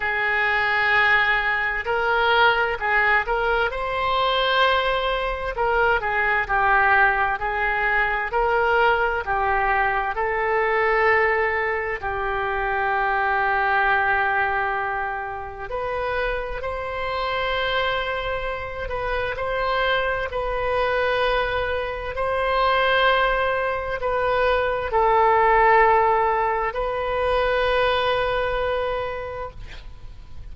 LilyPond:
\new Staff \with { instrumentName = "oboe" } { \time 4/4 \tempo 4 = 65 gis'2 ais'4 gis'8 ais'8 | c''2 ais'8 gis'8 g'4 | gis'4 ais'4 g'4 a'4~ | a'4 g'2.~ |
g'4 b'4 c''2~ | c''8 b'8 c''4 b'2 | c''2 b'4 a'4~ | a'4 b'2. | }